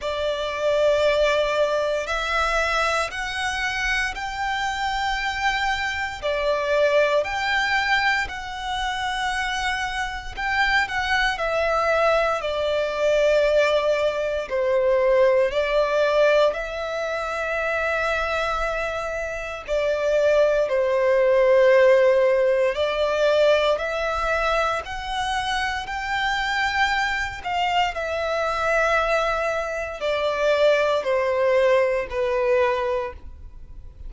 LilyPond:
\new Staff \with { instrumentName = "violin" } { \time 4/4 \tempo 4 = 58 d''2 e''4 fis''4 | g''2 d''4 g''4 | fis''2 g''8 fis''8 e''4 | d''2 c''4 d''4 |
e''2. d''4 | c''2 d''4 e''4 | fis''4 g''4. f''8 e''4~ | e''4 d''4 c''4 b'4 | }